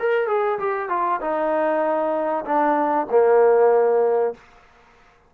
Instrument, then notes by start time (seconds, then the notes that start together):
trombone
0.00 A#4
0.28 G#4
0.60 G4
0.90 F4
1.21 D#4
2.45 D4
3.11 A#3